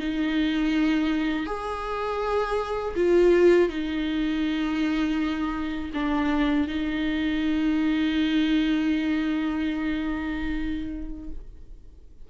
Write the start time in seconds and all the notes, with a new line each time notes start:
0.00 D#4
1.47 G#4
2.97 F4
3.69 D#4
5.94 D4
6.68 D#4